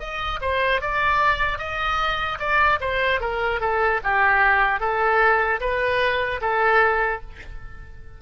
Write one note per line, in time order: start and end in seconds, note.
0.00 0.40 D#5
0.41 0.81 C5
0.81 1.59 D5
1.59 2.39 D#5
2.39 2.79 D5
2.81 3.21 C5
3.21 3.61 A#4
3.61 4.01 A4
4.04 4.80 G4
4.80 5.60 A4
5.61 6.41 B4
6.41 7.21 A4